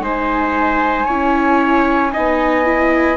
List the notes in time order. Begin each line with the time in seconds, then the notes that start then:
0.00 G#3 D#4 C5 G#5
1.06 C#4 E4 C#5
2.12 B3 D#4 D#5
2.65 E4